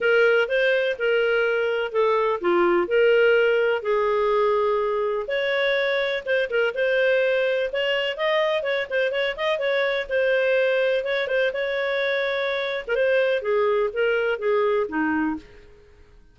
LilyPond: \new Staff \with { instrumentName = "clarinet" } { \time 4/4 \tempo 4 = 125 ais'4 c''4 ais'2 | a'4 f'4 ais'2 | gis'2. cis''4~ | cis''4 c''8 ais'8 c''2 |
cis''4 dis''4 cis''8 c''8 cis''8 dis''8 | cis''4 c''2 cis''8 c''8 | cis''2~ cis''8. ais'16 c''4 | gis'4 ais'4 gis'4 dis'4 | }